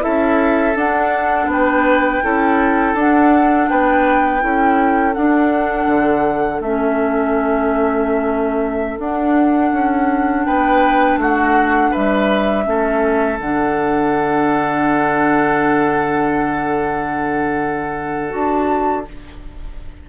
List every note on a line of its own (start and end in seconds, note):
0.00 0.75 C#4
0.00 0.73 E4
0.00 1.50 A4
0.00 0.76 E5
0.75 1.47 D4
0.75 2.23 D4
0.75 1.50 F#5
1.47 2.20 B3
1.47 2.24 B4
1.47 2.98 G5
2.23 2.94 C#4
2.23 2.96 E4
2.23 3.70 A4
2.94 3.67 D4
2.94 4.40 D4
2.94 3.69 F#5
3.69 4.43 B3
3.69 4.43 B4
3.69 5.14 G5
4.40 5.16 C#4
4.40 5.13 E4
4.40 10.46 A4
5.14 5.87 D4
5.14 6.63 D4
5.14 6.60 F#5
5.87 6.60 D3
6.60 8.98 A3
6.60 9.01 C#4
6.60 8.99 E5
8.98 9.72 D4
8.98 12.64 D4
8.98 10.45 F#5
9.73 10.46 C#4
10.45 11.17 B3
10.45 11.20 B4
10.45 11.19 G5
11.17 11.90 A3
11.17 11.91 F#4
11.17 11.94 F#5
11.91 12.67 G3
11.91 12.64 B4
11.91 13.40 E5
12.64 13.39 A3
12.64 13.37 C#4
12.64 19.09 A4
13.39 18.33 D3
13.39 18.30 D4
13.39 18.34 F#5
18.30 19.07 D4
18.30 19.03 F#4
18.30 19.07 A5